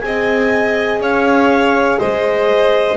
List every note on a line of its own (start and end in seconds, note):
0.00 1.00 C4
0.00 2.96 G#4
0.00 1.01 D#5
0.00 0.98 G#5
1.00 1.98 C#4
1.00 1.99 C#5
1.00 1.98 F5
1.98 2.96 G#3
1.98 2.96 C5
1.98 2.96 D#5